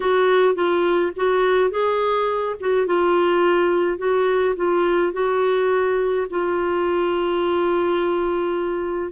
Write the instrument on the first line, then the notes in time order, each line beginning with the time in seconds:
clarinet
0.00 F#4
0.55 F4
1.16 F#4
1.70 G#4
2.60 F#4
2.86 F4
3.98 F#4
4.56 F4
5.12 F#4
6.30 F4